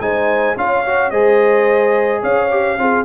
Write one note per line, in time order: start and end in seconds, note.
0.00 0.56 G#3
0.00 0.56 D#4
0.00 0.57 C5
0.00 0.56 G#5
0.56 1.11 C#4
0.56 0.85 F4
0.56 1.11 C#5
0.56 1.10 F5
0.85 1.12 F#4
1.10 2.22 G#3
1.10 2.50 G#4
1.10 2.22 C5
1.10 2.21 D#5
2.22 2.78 C#4
2.22 2.77 C#5
2.22 3.05 F5
2.50 2.78 G4
2.78 3.05 C4
2.78 3.05 F4
2.78 3.05 G#4